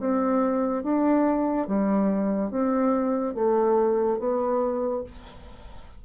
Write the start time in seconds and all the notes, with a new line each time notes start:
0.00 C4
0.83 D4
1.67 G3
2.50 C4
3.35 A3
4.19 B3